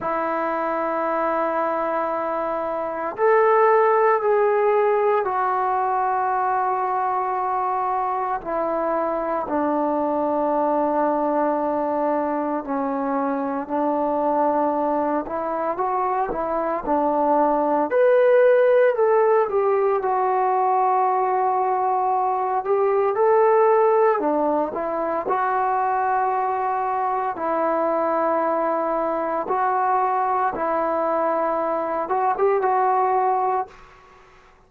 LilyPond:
\new Staff \with { instrumentName = "trombone" } { \time 4/4 \tempo 4 = 57 e'2. a'4 | gis'4 fis'2. | e'4 d'2. | cis'4 d'4. e'8 fis'8 e'8 |
d'4 b'4 a'8 g'8 fis'4~ | fis'4. g'8 a'4 d'8 e'8 | fis'2 e'2 | fis'4 e'4. fis'16 g'16 fis'4 | }